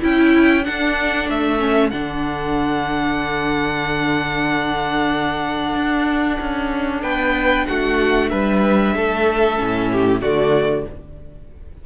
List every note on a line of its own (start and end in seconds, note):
0.00 0.67 C#4
0.00 0.64 E4
0.00 0.65 E4
0.00 0.64 G5
0.64 1.59 D4
0.64 1.28 D4
0.64 7.03 A4
0.64 1.28 F#5
1.28 1.92 A3
1.28 1.90 E5
1.59 1.90 C#4
1.90 5.74 D3
1.90 9.56 D4
1.90 7.01 F#5
5.74 6.38 D4
6.40 7.02 C#4
7.02 7.66 B3
7.02 7.67 B4
7.02 7.66 G5
7.66 8.32 A3
7.66 8.30 F#4
7.66 8.30 F#5
8.30 8.95 G3
8.30 8.94 B4
8.30 10.21 E5
8.95 9.59 A3
8.95 9.91 A4
9.56 10.22 A2
9.56 10.20 C#4
9.92 10.22 G4
10.22 10.85 D3
10.22 10.86 A3
10.22 10.85 F#4
10.22 10.86 D5